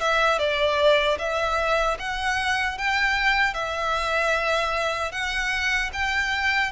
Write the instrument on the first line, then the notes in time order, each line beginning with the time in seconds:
violin
0.00 E5
0.39 D5
1.18 E5
1.99 F#5
2.78 G5
3.54 E5
5.12 F#5
5.93 G5